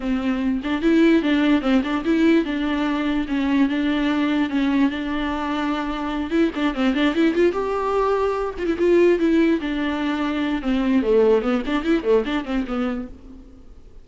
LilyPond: \new Staff \with { instrumentName = "viola" } { \time 4/4 \tempo 4 = 147 c'4. d'8 e'4 d'4 | c'8 d'8 e'4 d'2 | cis'4 d'2 cis'4 | d'2.~ d'8 e'8 |
d'8 c'8 d'8 e'8 f'8 g'4.~ | g'4 f'16 e'16 f'4 e'4 d'8~ | d'2 c'4 a4 | b8 d'8 e'8 a8 d'8 c'8 b4 | }